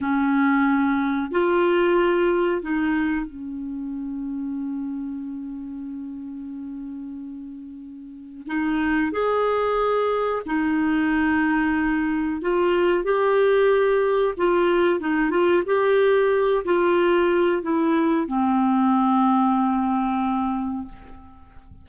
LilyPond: \new Staff \with { instrumentName = "clarinet" } { \time 4/4 \tempo 4 = 92 cis'2 f'2 | dis'4 cis'2.~ | cis'1~ | cis'4 dis'4 gis'2 |
dis'2. f'4 | g'2 f'4 dis'8 f'8 | g'4. f'4. e'4 | c'1 | }